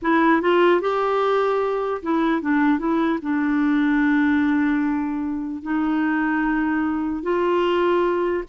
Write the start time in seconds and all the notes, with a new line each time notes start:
0.02 E4
0.41 F4
0.80 G4
2.02 E4
2.41 D4
2.79 E4
3.22 D4
5.62 D#4
7.22 F4